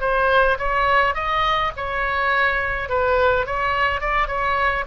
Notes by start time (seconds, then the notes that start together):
0.00 C5
0.58 C#5
1.14 D#5
1.76 C#5
2.89 B4
3.46 C#5
4.00 D5
4.27 C#5